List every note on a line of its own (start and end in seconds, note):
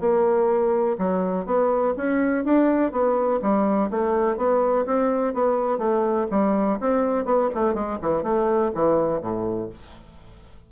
0.00 0.97 A#3
0.98 1.46 F#3
1.46 1.94 B3
1.97 2.45 C#4
2.45 2.92 D4
2.92 3.40 B3
3.42 3.90 G3
3.90 4.37 A3
4.37 4.85 B3
4.86 5.34 C4
5.34 5.78 B3
5.78 6.27 A3
6.31 6.79 G3
6.80 7.25 C4
7.25 7.49 B3
7.55 7.74 A3
7.74 7.98 G#3
8.02 8.23 E3
8.23 8.71 A3
8.75 9.21 E3
9.21 9.69 A2